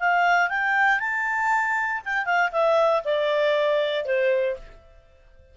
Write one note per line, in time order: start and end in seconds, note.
0.00 0.49 F5
0.49 1.00 G5
1.00 2.02 A5
2.05 2.26 G5
2.26 2.51 F5
2.52 3.03 E5
3.05 4.06 D5
4.06 4.57 C5